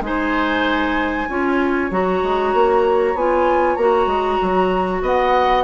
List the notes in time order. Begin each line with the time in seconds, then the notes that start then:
0.00 G#3 D#4 C5 G#5
1.28 C#4 F4 C#5
1.90 F#3 F#4 A#5
2.22 G#3
2.53 A#3
3.13 B3 F4 G#5
3.75 A#3 F#4 A#5
4.06 G#3
4.41 F#3
5.01 B3 D#5 F#5